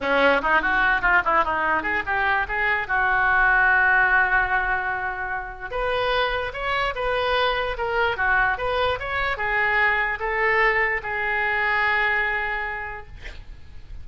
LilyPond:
\new Staff \with { instrumentName = "oboe" } { \time 4/4 \tempo 4 = 147 cis'4 dis'8 fis'4 f'8 e'8 dis'8~ | dis'8 gis'8 g'4 gis'4 fis'4~ | fis'1~ | fis'2 b'2 |
cis''4 b'2 ais'4 | fis'4 b'4 cis''4 gis'4~ | gis'4 a'2 gis'4~ | gis'1 | }